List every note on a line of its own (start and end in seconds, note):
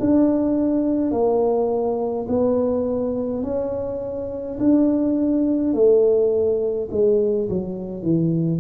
0.00 1.11 D4
1.11 2.27 A#3
2.29 3.43 B3
3.43 4.58 C#4
4.59 5.73 D4
5.73 6.89 A3
6.91 7.49 G#3
7.49 8.02 F#3
8.02 8.60 E3